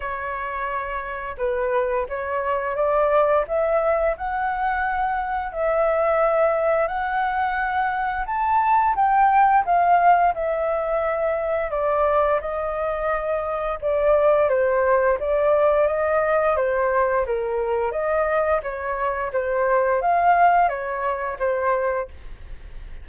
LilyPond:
\new Staff \with { instrumentName = "flute" } { \time 4/4 \tempo 4 = 87 cis''2 b'4 cis''4 | d''4 e''4 fis''2 | e''2 fis''2 | a''4 g''4 f''4 e''4~ |
e''4 d''4 dis''2 | d''4 c''4 d''4 dis''4 | c''4 ais'4 dis''4 cis''4 | c''4 f''4 cis''4 c''4 | }